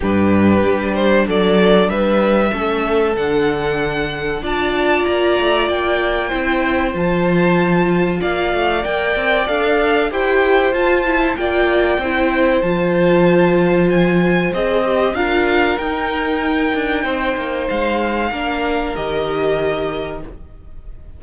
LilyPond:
<<
  \new Staff \with { instrumentName = "violin" } { \time 4/4 \tempo 4 = 95 b'4. c''8 d''4 e''4~ | e''4 fis''2 a''4 | ais''4 g''2 a''4~ | a''4 f''4 g''4 f''4 |
g''4 a''4 g''2 | a''2 gis''4 dis''4 | f''4 g''2. | f''2 dis''2 | }
  \new Staff \with { instrumentName = "violin" } { \time 4/4 g'2 a'4 b'4 | a'2. d''4~ | d''2 c''2~ | c''4 d''2. |
c''2 d''4 c''4~ | c''1 | ais'2. c''4~ | c''4 ais'2. | }
  \new Staff \with { instrumentName = "viola" } { \time 4/4 d'1 | cis'4 d'2 f'4~ | f'2 e'4 f'4~ | f'2 ais'4 a'4 |
g'4 f'8 e'8 f'4 e'4 | f'2. gis'8 g'8 | f'4 dis'2.~ | dis'4 d'4 g'2 | }
  \new Staff \with { instrumentName = "cello" } { \time 4/4 g,4 g4 fis4 g4 | a4 d2 d'4 | ais8 a8 ais4 c'4 f4~ | f4 ais8 a8 ais8 c'8 d'4 |
e'4 f'4 ais4 c'4 | f2. c'4 | d'4 dis'4. d'8 c'8 ais8 | gis4 ais4 dis2 | }
>>